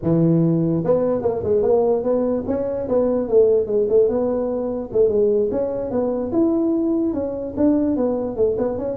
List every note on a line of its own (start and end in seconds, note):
0.02 0.84 E3
0.84 1.21 B3
1.21 1.42 A#3
1.43 1.62 G#3
1.62 2.03 A#3
2.03 2.44 B3
2.47 2.88 C#4
2.88 3.28 B3
3.28 3.66 A3
3.66 3.86 G#3
3.89 4.08 A3
4.08 4.90 B3
4.92 5.08 A3
5.08 5.49 G#3
5.51 5.90 C#4
5.90 6.31 B3
6.32 7.13 E4
7.13 7.54 C#4
7.57 7.96 D4
7.96 8.36 B3
8.36 8.57 A3
8.58 8.78 B3
8.78 8.97 C#4